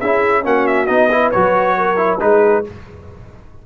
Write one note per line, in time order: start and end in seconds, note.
0.00 0.45 C#4
0.00 0.43 E4
0.00 0.44 G#4
0.00 0.44 E5
0.43 0.89 A#3
0.43 0.87 C#4
0.43 1.11 F#4
0.43 0.67 F#5
0.67 0.86 E5
0.86 1.33 B3
0.86 1.09 D#4
0.86 1.30 D#5
1.11 1.33 E4
1.11 1.77 B4
1.31 2.21 F#3
1.31 1.96 F#4
1.31 2.19 C#5
1.77 2.21 A#4
1.96 2.18 E4
2.20 2.65 G#3
2.20 2.64 D#4
2.20 2.66 G#4
2.20 2.64 B4